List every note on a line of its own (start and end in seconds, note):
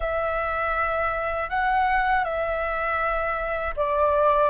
0.00 1.49 E5
1.49 2.24 F#5
2.24 3.74 E5
3.76 4.50 D5